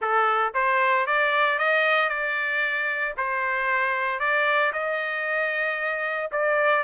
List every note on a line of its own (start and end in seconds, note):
0.01 0.53 A4
0.54 1.06 C5
1.06 1.58 D5
1.58 2.09 D#5
2.09 3.14 D5
3.17 4.19 C5
4.19 4.72 D5
4.72 6.30 D#5
6.31 6.83 D5